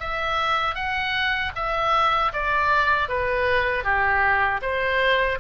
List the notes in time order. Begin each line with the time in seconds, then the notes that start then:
0.00 E5
0.75 F#5
1.56 E5
2.33 D5
3.09 B4
3.84 G4
4.62 C5